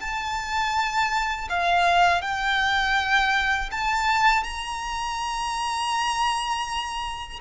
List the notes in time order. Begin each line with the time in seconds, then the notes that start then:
0.00 A5
1.49 F5
2.22 G5
3.71 A5
4.43 A#5